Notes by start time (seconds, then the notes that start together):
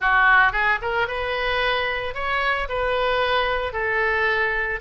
0.00 F#4
0.52 G#4
0.81 A#4
1.07 B4
2.14 C#5
2.68 B4
3.72 A4